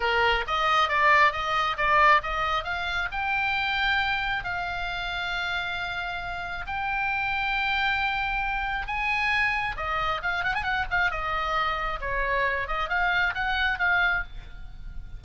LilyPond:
\new Staff \with { instrumentName = "oboe" } { \time 4/4 \tempo 4 = 135 ais'4 dis''4 d''4 dis''4 | d''4 dis''4 f''4 g''4~ | g''2 f''2~ | f''2. g''4~ |
g''1 | gis''2 dis''4 f''8 fis''16 gis''16 | fis''8 f''8 dis''2 cis''4~ | cis''8 dis''8 f''4 fis''4 f''4 | }